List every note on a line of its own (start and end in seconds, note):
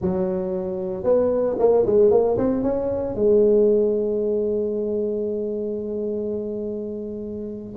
0.01 1.03 F#3
1.03 1.56 B3
1.59 1.85 A#3
1.85 2.11 G#3
2.11 2.37 A#3
2.37 2.62 C4
2.62 3.15 C#4
3.15 7.75 G#3